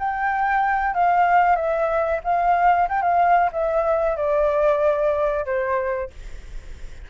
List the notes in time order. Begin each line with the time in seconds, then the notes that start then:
0.00 G5
0.94 F5
1.56 E5
2.24 F5
2.89 G5
3.02 F5
3.53 E5
4.17 D5
5.46 C5